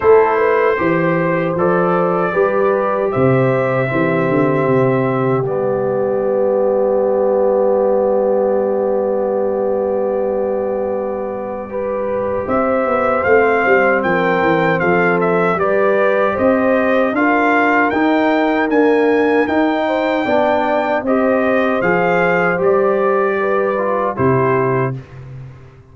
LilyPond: <<
  \new Staff \with { instrumentName = "trumpet" } { \time 4/4 \tempo 4 = 77 c''2 d''2 | e''2. d''4~ | d''1~ | d''1 |
e''4 f''4 g''4 f''8 e''8 | d''4 dis''4 f''4 g''4 | gis''4 g''2 dis''4 | f''4 d''2 c''4 | }
  \new Staff \with { instrumentName = "horn" } { \time 4/4 a'8 b'8 c''2 b'4 | c''4 g'2.~ | g'1~ | g'2. b'4 |
c''2 ais'4 a'4 | b'4 c''4 ais'2~ | ais'4. c''8 d''4 c''4~ | c''2 b'4 g'4 | }
  \new Staff \with { instrumentName = "trombone" } { \time 4/4 e'4 g'4 a'4 g'4~ | g'4 c'2 b4~ | b1~ | b2. g'4~ |
g'4 c'2. | g'2 f'4 dis'4 | ais4 dis'4 d'4 g'4 | gis'4 g'4. f'8 e'4 | }
  \new Staff \with { instrumentName = "tuba" } { \time 4/4 a4 e4 f4 g4 | c4 e8 d8 c4 g4~ | g1~ | g1 |
c'8 b8 a8 g8 f8 e8 f4 | g4 c'4 d'4 dis'4 | d'4 dis'4 b4 c'4 | f4 g2 c4 | }
>>